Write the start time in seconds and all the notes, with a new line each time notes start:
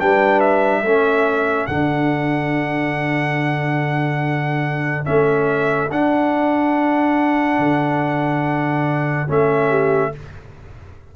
0.00 G3 D4 B4 G5
0.40 E5
0.81 A3 C#4 A4
1.67 D3 D4 F#5
5.05 A3 C#4 E5
5.92 D4 F#5
7.59 D3
9.28 A3 C#4 E5
9.70 G4